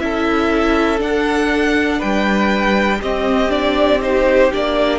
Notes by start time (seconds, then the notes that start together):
0.00 C#4 E4 A4 E5
0.99 D4 F#5
1.99 G3 B4 G5
3.02 C4 G4 D#5
3.50 D4 D5
4.01 D#4 C5
4.53 A#3 D4 D5